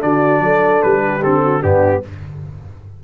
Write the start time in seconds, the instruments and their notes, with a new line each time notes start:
0.00 tuba D3, trombone D4, horn F#4, trumpet D5
0.40 tuba F#3, horn A4
0.82 tuba G3, trumpet B4
1.06 horn G4
1.22 tuba D3, trombone C4, trumpet A4
1.43 horn F#4
1.61 tuba G2, trombone B3, horn D4, trumpet G4